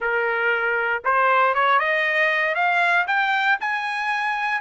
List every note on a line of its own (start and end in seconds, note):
0.00 1.03 A#4
1.04 1.54 C5
1.54 1.79 C#5
1.79 2.55 D#5
2.55 3.06 F5
3.07 3.58 G5
3.60 4.61 G#5